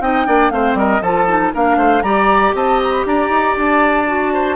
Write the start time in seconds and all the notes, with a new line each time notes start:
0.00 C4 D#4 D#5 G5
0.26 A#3 D4 D5
0.50 A3 C4 C5 F5
0.74 G3 A#4 D#5
1.01 F3 F4 A4 A5
1.27 D#4
1.53 A#3 D4 A#4 F5
1.77 A3 C5
2.02 G3 G4 D5 A#5
2.54 C4 D#5 A5
2.83 A#5
2.92 B5
3.05 D4 D5 A#5
3.29 D#4
3.56 D4 A5
4.06 F#4
4.33 C5